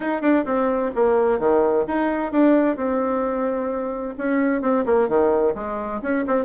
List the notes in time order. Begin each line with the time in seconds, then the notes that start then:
0.00 D#4
0.21 D4
0.45 C4
0.95 A#3
1.39 D#3
1.87 D#4
2.31 D4
2.76 C4
4.18 C#4
4.61 C4
4.85 A#3
5.08 D#3
5.54 G#3
6.01 C#4
6.27 C4